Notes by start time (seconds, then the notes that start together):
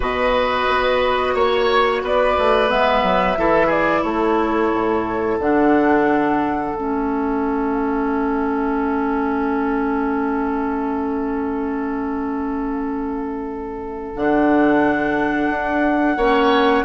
0.00 B2 F#4 B4 D#5
0.68 B3
1.34 A#3 C#5
2.02 B3 B4 D5
2.38 A3
2.68 G#3 B3 E5
3.03 F#3
3.37 E3 E4 A4
3.66 G#4 D5
4.03 A3 A4 C#5
4.73 A2
5.39 D3 D4 F#5
6.72 A3 C#4 E5
14.15 D3 D4 F#5
15.49 D4
16.16 A#3 C#4 C#5